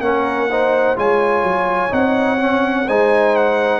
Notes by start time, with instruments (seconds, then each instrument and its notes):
0.00 tuba A#3, trombone C#4, horn A#4, trumpet F#5
0.50 trombone D#4, horn C5
0.96 tuba G#3, trombone F4, horn C#5, trumpet G#5
1.43 tuba F#3
1.90 tuba C4, trombone D#4, trumpet F#5
2.38 trombone C#4
2.88 tuba G#3, trombone D#4, horn C5, trumpet G#5
3.36 trumpet F#5